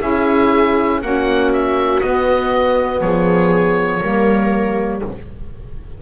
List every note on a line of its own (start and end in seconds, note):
0.00 1.01 C#4
0.00 1.00 E4
0.00 1.01 G#4
0.00 1.01 E5
1.01 2.01 A#3
1.01 2.01 C#4
1.01 3.02 F#4
1.01 1.52 F#5
1.52 2.01 E5
2.01 3.01 B3
2.01 4.00 B3
2.01 3.00 D#5
3.00 4.01 F3
3.00 3.99 G#4
3.00 5.00 C#5
3.99 5.02 G3
3.99 5.00 A#3
3.99 4.99 A#4